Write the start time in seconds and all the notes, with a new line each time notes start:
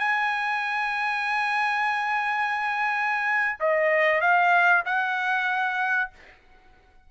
0.00 G#5
3.60 D#5
4.21 F5
4.86 F#5